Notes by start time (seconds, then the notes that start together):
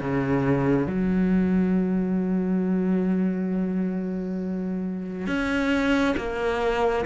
0.00 C#3
0.87 F#3
5.26 C#4
6.16 A#3